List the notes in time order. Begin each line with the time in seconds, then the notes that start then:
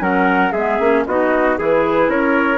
0.00 F#3 C#4 A#4 F#5
0.52 G#3 B3 G#4 E5
0.80 A#3 C#4
1.06 B3 D#4 F#4 D#5
1.58 E3 E4 G#4 B4
2.08 C#4 A#4 C#5